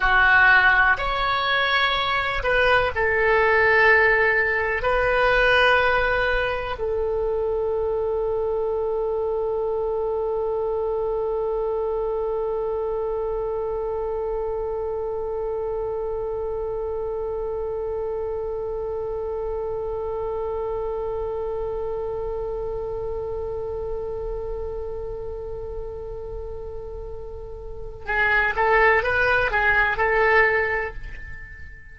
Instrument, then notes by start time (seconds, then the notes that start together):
oboe
0.00 F#4
0.97 C#5
2.43 B4
2.95 A4
4.82 B4
6.78 A4
28.05 G#4
28.56 A4
29.03 B4
29.51 G#4
29.97 A4